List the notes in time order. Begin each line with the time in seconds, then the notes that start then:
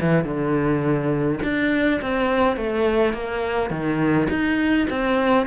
0.00 E3
0.24 D3
1.43 D4
2.01 C4
2.56 A3
3.13 A#3
3.70 D#3
4.30 D#4
4.90 C4